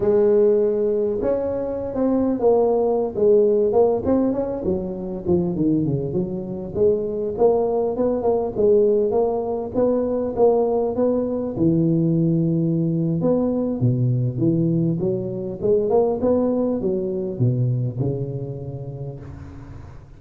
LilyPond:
\new Staff \with { instrumentName = "tuba" } { \time 4/4 \tempo 4 = 100 gis2 cis'4~ cis'16 c'8. | ais4~ ais16 gis4 ais8 c'8 cis'8 fis16~ | fis8. f8 dis8 cis8 fis4 gis8.~ | gis16 ais4 b8 ais8 gis4 ais8.~ |
ais16 b4 ais4 b4 e8.~ | e2 b4 b,4 | e4 fis4 gis8 ais8 b4 | fis4 b,4 cis2 | }